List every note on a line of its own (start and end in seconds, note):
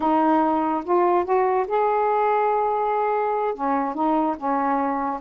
0.00 0.84 D#4
0.84 1.24 F4
1.24 1.66 F#4
1.67 3.54 G#4
3.54 3.94 C#4
3.94 4.35 D#4
4.37 5.20 C#4